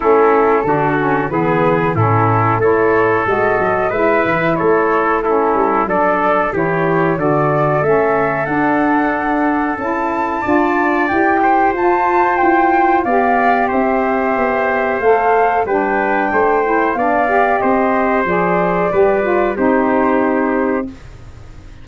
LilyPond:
<<
  \new Staff \with { instrumentName = "flute" } { \time 4/4 \tempo 4 = 92 a'2 b'4 a'4 | cis''4 dis''4 e''4 cis''4 | a'4 d''4 cis''4 d''4 | e''4 fis''2 a''4~ |
a''4 g''4 a''4 g''4 | f''4 e''2 f''4 | g''2 f''4 dis''4 | d''2 c''2 | }
  \new Staff \with { instrumentName = "trumpet" } { \time 4/4 e'4 fis'4 gis'4 e'4 | a'2 b'4 a'4 | e'4 a'4 g'4 a'4~ | a'1 |
d''4. c''2~ c''8 | d''4 c''2. | b'4 c''4 d''4 c''4~ | c''4 b'4 g'2 | }
  \new Staff \with { instrumentName = "saxophone" } { \time 4/4 cis'4 d'8 cis'8 b4 cis'4 | e'4 fis'4 e'2 | cis'4 d'4 e'4 fis'4 | cis'4 d'2 e'4 |
f'4 g'4 f'2 | g'2. a'4 | d'4. e'8 d'8 g'4. | gis'4 g'8 f'8 dis'2 | }
  \new Staff \with { instrumentName = "tuba" } { \time 4/4 a4 d4 e4 a,4 | a4 gis8 fis8 gis8 e8 a4~ | a8 g8 fis4 e4 d4 | a4 d'2 cis'4 |
d'4 e'4 f'4 e'4 | b4 c'4 b4 a4 | g4 a4 b4 c'4 | f4 g4 c'2 | }
>>